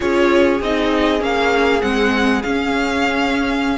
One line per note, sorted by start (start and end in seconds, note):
0.00 0.60 C#4
0.00 0.59 F4
0.00 3.77 G#4
0.00 0.61 C#5
0.60 1.21 C4
0.60 1.19 D#4
0.60 1.22 D#5
1.19 1.81 A#3
1.19 1.80 C#4
1.19 1.81 F5
1.81 2.43 G#3
1.81 2.42 C4
1.81 2.42 F#5
2.42 3.78 C#4
2.42 3.78 F5